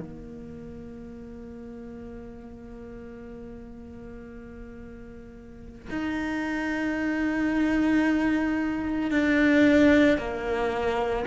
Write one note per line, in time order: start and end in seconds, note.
0.00 5.89 A#3
5.90 9.11 D#4
9.11 10.18 D4
10.18 11.25 A#3